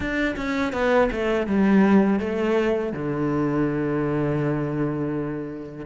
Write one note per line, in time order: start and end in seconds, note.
0.00 0.35 D4
0.36 0.73 C#4
0.73 1.09 B3
1.11 1.46 A3
1.46 2.20 G3
2.20 2.93 A3
2.93 5.85 D3